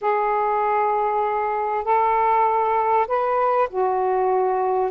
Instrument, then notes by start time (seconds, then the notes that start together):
saxophone
0.01 G#4
1.84 A4
3.07 B4
3.69 F#4